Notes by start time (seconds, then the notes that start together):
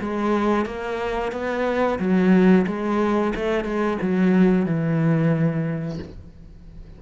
0.00 G#3
0.65 A#3
1.32 B3
1.99 F#3
2.67 G#3
3.35 A3
3.64 G#3
4.01 F#3
4.65 E3